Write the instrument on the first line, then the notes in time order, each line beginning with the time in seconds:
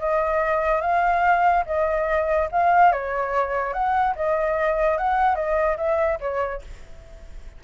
flute
0.00 D#5
0.82 F5
1.66 D#5
2.52 F5
2.92 C#5
3.74 F#5
4.16 D#5
4.98 F#5
5.36 D#5
5.78 E5
6.21 C#5